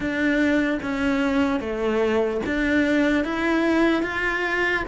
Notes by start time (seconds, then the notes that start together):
0.00 D4
0.82 C#4
1.60 A3
2.45 D4
3.24 E4
4.02 F4